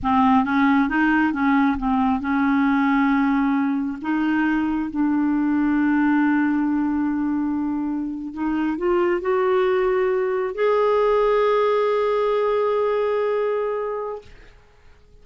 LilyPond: \new Staff \with { instrumentName = "clarinet" } { \time 4/4 \tempo 4 = 135 c'4 cis'4 dis'4 cis'4 | c'4 cis'2.~ | cis'4 dis'2 d'4~ | d'1~ |
d'2~ d'8. dis'4 f'16~ | f'8. fis'2. gis'16~ | gis'1~ | gis'1 | }